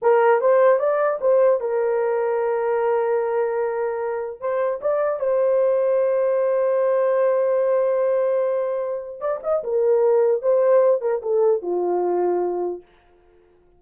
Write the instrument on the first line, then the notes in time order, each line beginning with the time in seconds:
horn
0.01 A#4
0.41 C5
0.79 D5
1.21 C5
1.60 A#4
4.40 C5
4.81 D5
5.19 C5
9.20 D5
9.43 D#5
9.63 A#4
10.41 C5
11.01 A#4
11.22 A4
11.62 F4